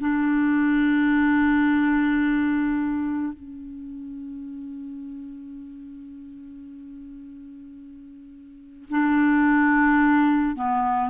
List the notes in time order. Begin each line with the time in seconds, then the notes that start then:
0.00 D4
3.33 C#4
8.90 D4
10.55 B3